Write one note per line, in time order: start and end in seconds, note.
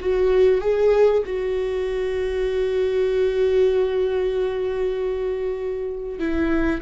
0.00 0.61 F#4
0.61 1.23 G#4
1.25 6.19 F#4
6.19 6.81 E4